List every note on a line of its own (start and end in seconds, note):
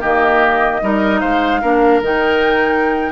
0.00 0.82 D#3
0.00 0.82 A#3
0.00 0.81 G4
0.00 1.20 D#5
0.82 1.22 G3
0.82 1.62 D#4
0.82 1.20 A#4
1.20 1.62 G#3
1.20 1.61 C5
1.20 2.01 F5
1.61 2.01 A#3
1.61 2.02 D4
1.61 3.12 A#4
2.01 3.12 D#3
2.01 3.12 D#4
2.01 3.12 G5